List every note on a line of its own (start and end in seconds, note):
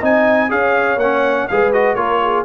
0.00 0.50 C4
0.00 0.49 D#4
0.00 0.49 D#5
0.00 0.50 G#5
0.49 0.96 C#4
0.49 0.98 G#4
0.49 1.49 C#5
0.49 0.99 F5
0.96 1.45 A#3
0.96 1.50 C#4
0.96 1.47 F#5
1.47 1.95 G#3
1.47 1.73 G#4
1.47 1.97 B4
1.47 1.72 F5
1.72 1.96 F#4
1.72 1.95 D#5
1.95 2.43 A#3
1.95 2.45 F4
1.95 2.21 A#4
1.95 2.43 C#5
2.23 2.45 G#4